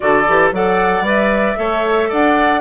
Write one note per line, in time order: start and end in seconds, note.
0.00 0.28 D3
0.00 0.24 F#4
0.00 0.54 A4
0.00 0.50 D5
0.28 0.52 E3
0.28 0.53 G4
0.52 1.01 F#3
0.52 1.04 A4
0.52 1.58 D5
0.52 1.06 F#5
1.01 1.53 G3
1.01 1.56 B4
1.07 2.12 E5
1.56 2.10 A3
1.56 2.61 A4
1.56 2.08 C#5
2.08 2.61 D4
2.08 2.61 D5
2.08 2.61 F#5